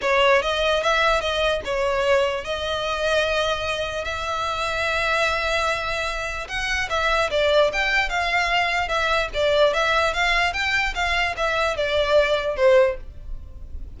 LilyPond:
\new Staff \with { instrumentName = "violin" } { \time 4/4 \tempo 4 = 148 cis''4 dis''4 e''4 dis''4 | cis''2 dis''2~ | dis''2 e''2~ | e''1 |
fis''4 e''4 d''4 g''4 | f''2 e''4 d''4 | e''4 f''4 g''4 f''4 | e''4 d''2 c''4 | }